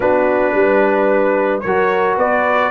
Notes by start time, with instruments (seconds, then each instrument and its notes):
0.00 tuba B3, trombone D4, horn F#4, trumpet B4
0.53 tuba G3, horn B4
1.60 tuba F#3, horn A#4, trumpet C#5
1.67 trombone F#4
2.16 tuba B3, horn B4, trumpet D5